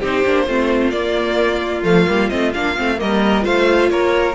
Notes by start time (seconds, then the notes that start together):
0.00 C4 D#4 G4 C5
0.26 A#3 D4
0.47 A3 C4 F4
0.91 A#3 D5
1.84 F3 A3 F5
2.07 G3 A#3
2.30 A3 C4 D#5
2.54 A#3 D4 F5
2.77 A3 C4
2.98 G3 A#3 A#4 D#5
3.42 A3 F4 C5 F5
3.90 A#3 A#4 C#5